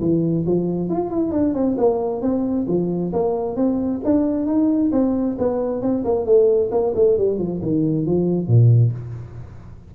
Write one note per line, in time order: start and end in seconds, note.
0.00 0.45 E3
0.46 0.90 F3
0.90 1.10 F4
1.10 1.31 E4
1.31 1.54 D4
1.54 1.76 C4
1.77 2.21 A#3
2.21 2.66 C4
2.67 3.12 F3
3.13 3.56 A#3
3.56 4.01 C4
4.04 4.46 D4
4.46 4.91 D#4
4.92 5.37 C4
5.38 5.82 B3
5.82 6.04 C4
6.04 6.25 A#3
6.25 6.70 A3
6.71 6.93 A#3
6.95 7.17 A3
7.17 7.38 G3
7.38 7.61 F3
7.62 8.06 D#3
8.06 8.47 F3
8.47 8.92 A#2